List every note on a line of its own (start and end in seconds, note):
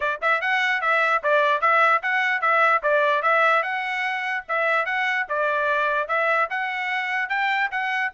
0.00 0.20 D5
0.21 0.41 E5
0.41 0.81 F#5
0.81 1.21 E5
1.23 1.61 D5
1.61 2.01 E5
2.02 2.41 F#5
2.41 2.81 E5
2.82 3.22 D5
3.22 3.62 E5
3.63 4.44 F#5
4.48 4.85 E5
4.85 5.26 F#5
5.28 6.07 D5
6.07 6.48 E5
6.50 7.29 F#5
7.29 7.70 G5
7.71 8.12 F#5